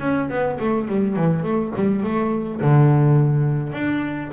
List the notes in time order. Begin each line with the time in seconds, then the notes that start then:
0.00 C#4
0.29 B3
0.60 A3
0.88 G3
1.16 E3
1.43 A3
1.75 G3
2.03 A3
2.61 D3
3.73 D4